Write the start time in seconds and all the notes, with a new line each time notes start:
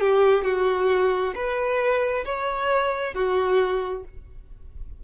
0.00 G4
0.44 F#4
1.35 B4
2.25 C#5
3.14 F#4